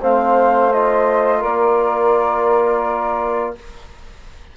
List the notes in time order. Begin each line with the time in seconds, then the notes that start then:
0.00 A3 C4 C5 F5
0.72 F4 D#5
1.39 A#3 A#4 D5